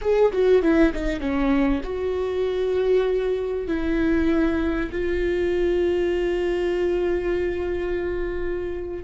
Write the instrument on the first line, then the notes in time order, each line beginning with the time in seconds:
viola
0.01 G#4
0.32 F#4
0.62 E4
0.93 D#4
1.20 C#4
1.83 F#4
3.67 E4
4.91 F4